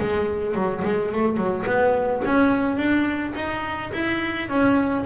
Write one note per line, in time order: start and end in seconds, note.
0.00 0.55 G#3
0.55 0.83 F#3
0.85 1.12 G#3
1.12 1.37 A3
1.37 1.65 F#3
1.66 2.23 B3
2.26 2.77 C#4
2.77 3.33 D4
3.36 3.92 D#4
3.93 4.49 E4
4.49 5.05 C#4